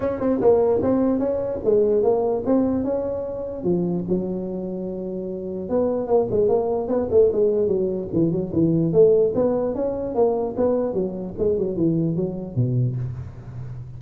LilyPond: \new Staff \with { instrumentName = "tuba" } { \time 4/4 \tempo 4 = 148 cis'8 c'8 ais4 c'4 cis'4 | gis4 ais4 c'4 cis'4~ | cis'4 f4 fis2~ | fis2 b4 ais8 gis8 |
ais4 b8 a8 gis4 fis4 | e8 fis8 e4 a4 b4 | cis'4 ais4 b4 fis4 | gis8 fis8 e4 fis4 b,4 | }